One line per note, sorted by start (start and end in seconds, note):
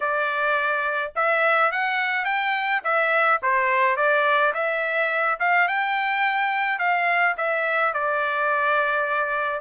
0.00 1.12 D5
1.15 1.71 E5
1.71 2.25 F#5
2.25 2.81 G5
2.84 3.40 E5
3.42 3.96 C5
3.96 4.53 D5
4.54 5.39 E5
5.39 5.68 F5
5.68 6.78 G5
6.78 7.35 F5
7.37 7.93 E5
7.93 9.60 D5